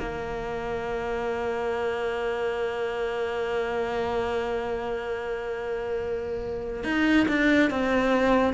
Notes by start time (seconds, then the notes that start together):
0.00 A#3
6.84 D#4
7.29 D4
7.71 C4